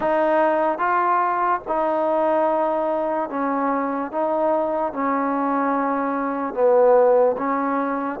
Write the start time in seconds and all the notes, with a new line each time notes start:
0.00 D#4
0.78 F4
1.67 D#4
3.29 C#4
4.11 D#4
4.92 C#4
6.53 B3
7.37 C#4